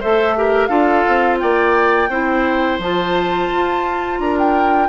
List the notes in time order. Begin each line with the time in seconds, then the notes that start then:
0.00 A3 A4 C5 E5
0.37 G4 A#4
0.67 D4 F4 A4 F5
1.08 C4
1.40 A#3 D5 G5
2.09 C4 E4 C5
2.79 F3 F4 A5
3.53 F4
4.19 D4 A#4 A#5
4.39 G5